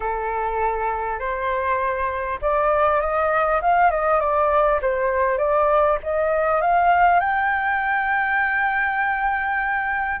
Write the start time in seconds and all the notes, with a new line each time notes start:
0.00 A4
1.19 C5
2.41 D5
3.00 D#5
3.61 F5
3.91 D#5
4.20 D5
4.81 C5
5.38 D5
6.03 D#5
6.61 F5
7.20 G5